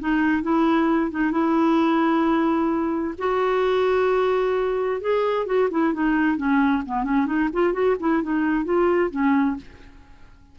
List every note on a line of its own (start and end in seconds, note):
0.00 0.43 D#4
0.43 1.11 E4
1.11 1.32 D#4
1.32 3.15 E4
3.19 5.02 F#4
5.02 5.47 G#4
5.47 5.70 F#4
5.71 5.94 E4
5.94 6.38 D#4
6.38 6.83 C#4
6.86 7.04 B3
7.04 7.27 C#4
7.27 7.50 D#4
7.53 7.73 F4
7.73 7.96 F#4
8.00 8.23 E4
8.23 8.65 D#4
8.65 9.11 F4
9.11 9.57 C#4